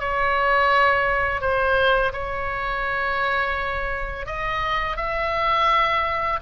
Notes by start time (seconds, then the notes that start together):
0.00 C#5
1.41 C5
2.13 C#5
4.26 D#5
4.97 E5